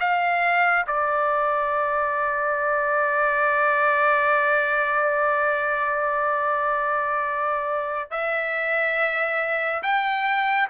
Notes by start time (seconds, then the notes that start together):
0.00 F5
0.87 D5
8.11 E5
9.83 G5